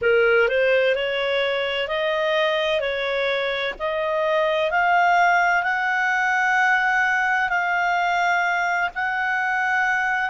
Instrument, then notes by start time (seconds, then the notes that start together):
clarinet
0.01 A#4
0.48 C5
0.95 C#5
1.87 D#5
2.80 C#5
3.79 D#5
4.70 F5
5.63 F#5
7.49 F5
8.94 F#5